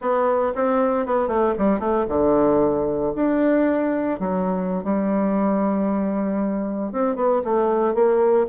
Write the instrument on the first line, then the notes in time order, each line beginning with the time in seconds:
bassoon
0.01 B3
0.55 C4
1.06 B3
1.28 A3
1.57 G3
1.79 A3
2.08 D3
3.15 D4
4.19 F#3
4.83 G3
6.92 C4
7.15 B3
7.44 A3
7.94 A#3